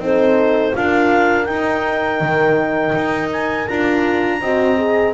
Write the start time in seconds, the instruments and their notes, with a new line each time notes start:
0.00 double bass C4, horn D#4 A4, clarinet C5
0.73 double bass D4, horn F4 A#4, clarinet F5
1.46 horn D#4, double bass D#4, clarinet G5
2.21 double bass D#3
2.96 double bass D#4
3.33 clarinet G#5
3.68 double bass D4, horn F4, clarinet A#5
4.41 double bass C4, horn F#4 D#5
4.78 horn G#4